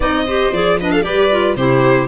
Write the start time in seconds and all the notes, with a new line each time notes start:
0.00 C4 D#4 D5 D#5
0.26 G4 C5
0.51 F3 G#4 D5
0.80 D4 B4 D#5
0.91 A4 F5
1.02 G3 G4 B4 D5
1.30 F4
1.56 C3 E4 G4 C5